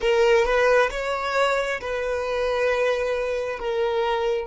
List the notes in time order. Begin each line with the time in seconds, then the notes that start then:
0.00 A#4
0.45 B4
0.90 C#5
1.80 B4
3.59 A#4